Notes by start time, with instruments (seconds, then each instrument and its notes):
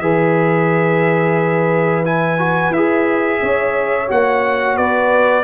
0.00 tuba E3, trombone G#4, horn B4, trumpet E5
2.05 trombone E4, trumpet G#5
2.38 trombone F#4
2.70 tuba E4, trombone G#4, trumpet E5
3.42 tuba C#4, horn C#5
4.08 tuba A#3, trombone F#4, trumpet F#5
4.76 tuba B3, horn B4, trumpet D5